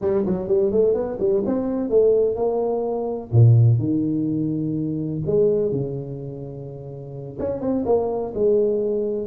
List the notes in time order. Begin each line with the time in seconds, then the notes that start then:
0.01 G3
0.26 F#3
0.48 G3
0.71 A3
0.94 B3
1.19 G3
1.46 C4
1.89 A3
2.35 A#3
3.32 A#2
3.79 D#3
5.26 G#3
5.71 C#3
7.39 C#4
7.60 C4
7.85 A#3
8.34 G#3